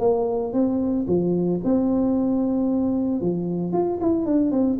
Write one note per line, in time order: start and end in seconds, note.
0.00 0.53 A#3
0.53 1.06 C4
1.07 1.60 F3
1.64 3.21 C4
3.21 3.72 F3
3.72 3.99 F4
4.01 4.26 E4
4.26 4.52 D4
4.52 4.78 C4